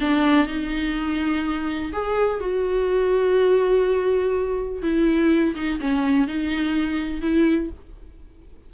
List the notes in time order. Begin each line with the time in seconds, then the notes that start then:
0.00 D4
0.47 D#4
1.93 G#4
2.40 F#4
4.82 E4
5.55 D#4
5.80 C#4
6.27 D#4
7.21 E4